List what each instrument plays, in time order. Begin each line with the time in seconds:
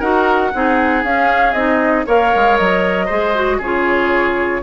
0.00 bassoon D#4, clarinet F#4, oboe A#4, flute F#5
0.54 bassoon C4, clarinet D#4, oboe G#4
1.04 bassoon C#4, clarinet C#4, flute F5
1.53 bassoon C4, clarinet D#4, flute D#5
2.06 bassoon A#3, clarinet A#4, oboe C#5, flute F5
2.36 bassoon G#3
2.58 bassoon F#3, flute D#5
3.06 bassoon G#3, clarinet G#4, oboe C5
3.35 clarinet F#4
3.59 bassoon C#3, clarinet F4, oboe G#4, flute C#5